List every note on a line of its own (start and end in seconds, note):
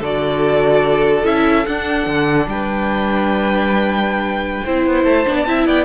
0.00 1.24 D3
0.00 1.24 F#4
0.00 2.47 A4
0.00 1.25 D5
1.24 1.65 C#4
1.24 1.65 E4
1.24 1.66 E5
1.66 4.65 D4
1.66 2.06 D4
1.66 2.48 F#5
2.06 2.46 D3
2.46 4.62 G3
2.46 4.65 B4
2.46 5.04 G5
4.65 4.86 C4
4.65 5.26 E4
4.65 5.36 C5
4.86 5.04 B3
5.04 5.25 A3
5.04 5.65 A5
5.26 5.46 B3
5.26 5.46 D4
5.36 5.46 D5
5.46 5.67 C4
5.46 5.85 E4
5.46 5.67 E5
5.67 5.85 B3
5.67 5.85 D5
5.67 5.85 G5